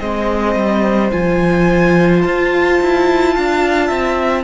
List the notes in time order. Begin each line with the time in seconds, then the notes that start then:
0.00 G#3 C4 C5 D#5
0.56 G3
1.12 F3 F4 G#5
2.22 F4 A5
2.81 E4
3.36 D4 F5
3.88 C4 E5